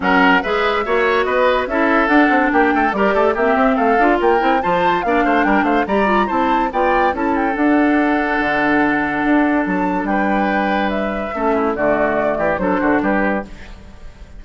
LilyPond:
<<
  \new Staff \with { instrumentName = "flute" } { \time 4/4 \tempo 4 = 143 fis''4 e''2 dis''4 | e''4 fis''4 g''4 d''4 | e''4 f''4 g''4 a''4 | f''4 g''8 f''8 ais''4 a''4 |
g''4 a''8 g''8 fis''2~ | fis''2. a''4 | g''2 e''2 | d''2 c''4 b'4 | }
  \new Staff \with { instrumentName = "oboe" } { \time 4/4 ais'4 b'4 cis''4 b'4 | a'2 g'8 a'8 ais'8 a'8 | g'4 a'4 ais'4 c''4 | d''8 c''8 ais'8 c''8 d''4 c''4 |
d''4 a'2.~ | a'1 | b'2. a'8 e'8 | fis'4. g'8 a'8 fis'8 g'4 | }
  \new Staff \with { instrumentName = "clarinet" } { \time 4/4 cis'4 gis'4 fis'2 | e'4 d'2 g'4 | c'4. f'4 e'8 f'4 | d'2 g'8 f'8 e'4 |
f'4 e'4 d'2~ | d'1~ | d'2. cis'4 | a2 d'2 | }
  \new Staff \with { instrumentName = "bassoon" } { \time 4/4 fis4 gis4 ais4 b4 | cis'4 d'8 c'8 ais8 a8 g8 a8 | ais8 c'8 a8 d'8 ais8 c'8 f4 | ais8 a8 g8 a8 g4 c'4 |
b4 cis'4 d'2 | d2 d'4 fis4 | g2. a4 | d4. e8 fis8 d8 g4 | }
>>